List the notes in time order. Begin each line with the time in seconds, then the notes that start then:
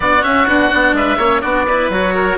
0.00 B3 D4 F#4 D5
0.22 C#4 E5
0.47 B3 D4 F#5
0.70 B3 D4
0.92 G#3 B4 E5
1.17 A#3 C#4 C#5
1.41 B3 D4 F#4 D5
1.66 E4 B4
1.89 F#3 F#4 C#5
2.14 A#4